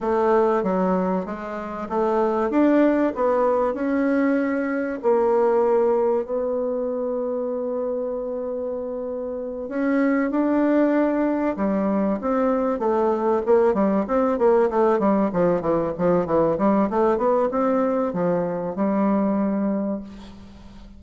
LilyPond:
\new Staff \with { instrumentName = "bassoon" } { \time 4/4 \tempo 4 = 96 a4 fis4 gis4 a4 | d'4 b4 cis'2 | ais2 b2~ | b2.~ b8 cis'8~ |
cis'8 d'2 g4 c'8~ | c'8 a4 ais8 g8 c'8 ais8 a8 | g8 f8 e8 f8 e8 g8 a8 b8 | c'4 f4 g2 | }